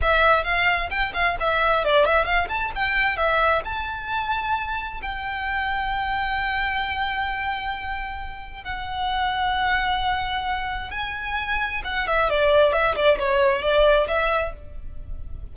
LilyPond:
\new Staff \with { instrumentName = "violin" } { \time 4/4 \tempo 4 = 132 e''4 f''4 g''8 f''8 e''4 | d''8 e''8 f''8 a''8 g''4 e''4 | a''2. g''4~ | g''1~ |
g''2. fis''4~ | fis''1 | gis''2 fis''8 e''8 d''4 | e''8 d''8 cis''4 d''4 e''4 | }